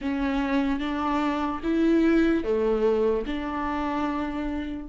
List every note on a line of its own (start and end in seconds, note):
0.01 0.79 C#4
0.79 1.60 D4
1.63 2.44 E4
2.44 3.25 A3
3.26 4.88 D4